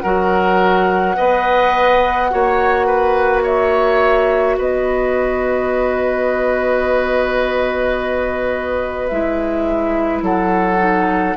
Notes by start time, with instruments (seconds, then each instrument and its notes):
0.00 bassoon F#3, clarinet F#4, oboe A#4, flute F#5
1.15 bassoon B3, clarinet B4, oboe D#5
2.30 bassoon A#3, clarinet F#4, oboe C#5
2.87 oboe B4
3.43 oboe C#5, flute E5
4.58 bassoon B3, oboe B4, flute D#5
9.07 bassoon G#3, clarinet E4, flute E5
10.22 bassoon F#3, oboe A4, flute F#5
10.78 clarinet D#4